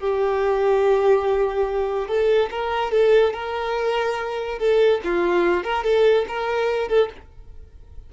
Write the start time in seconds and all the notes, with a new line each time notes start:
0.00 G4
2.08 A4
2.51 A#4
2.92 A4
3.34 A#4
4.59 A4
5.04 F4
5.64 A#4
5.84 A4
6.29 A#4
6.89 A4